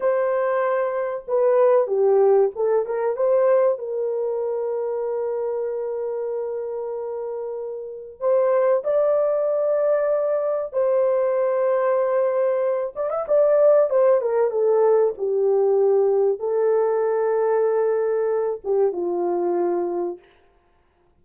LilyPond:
\new Staff \with { instrumentName = "horn" } { \time 4/4 \tempo 4 = 95 c''2 b'4 g'4 | a'8 ais'8 c''4 ais'2~ | ais'1~ | ais'4 c''4 d''2~ |
d''4 c''2.~ | c''8 d''16 e''16 d''4 c''8 ais'8 a'4 | g'2 a'2~ | a'4. g'8 f'2 | }